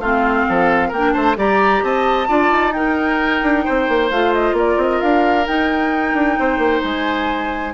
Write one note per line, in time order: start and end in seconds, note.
0.00 0.45 A3
0.00 0.95 C4
0.00 0.47 F4
0.00 0.92 F5
0.49 0.92 F3
0.49 0.89 A4
0.89 1.15 A#3
0.89 1.12 A#4
0.89 1.14 G5
0.96 1.37 D4
1.14 1.37 A3
1.14 1.37 C5
1.14 1.37 A5
1.37 1.83 G3
1.37 2.28 G4
1.37 1.84 D5
1.37 1.84 A#5
1.83 2.29 C4
1.83 2.29 D#5
1.83 2.74 A5
2.28 2.51 D4
2.28 2.73 F4
2.28 2.74 D5
2.51 3.42 D#4
2.74 4.11 D#4
2.74 3.65 A#4
2.74 4.10 G5
3.43 3.66 D4
3.65 3.89 C4
3.65 4.56 C5
3.89 4.11 A#3
4.11 4.53 A3
4.11 5.46 F4
4.11 4.34 F5
4.34 4.57 D#5
4.53 4.76 A#3
4.53 6.40 A#4
4.59 4.82 D5
4.77 5.00 C4
4.77 5.02 D#5
5.02 5.48 D4
5.02 5.47 F5
5.46 7.73 D#4
5.46 6.14 D#4
5.46 6.84 G5
6.14 6.37 D4
6.40 6.58 C4
6.40 7.74 C5
6.58 6.81 A#3
6.84 7.74 G#3
6.84 7.74 G#5